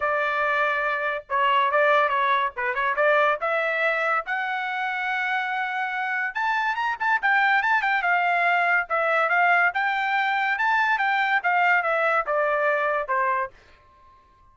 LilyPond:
\new Staff \with { instrumentName = "trumpet" } { \time 4/4 \tempo 4 = 142 d''2. cis''4 | d''4 cis''4 b'8 cis''8 d''4 | e''2 fis''2~ | fis''2. a''4 |
ais''8 a''8 g''4 a''8 g''8 f''4~ | f''4 e''4 f''4 g''4~ | g''4 a''4 g''4 f''4 | e''4 d''2 c''4 | }